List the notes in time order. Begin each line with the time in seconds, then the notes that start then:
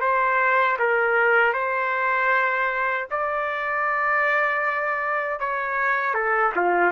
0.00 C5
0.78 A#4
1.53 C5
3.10 D5
5.40 C#5
6.14 A4
6.56 F4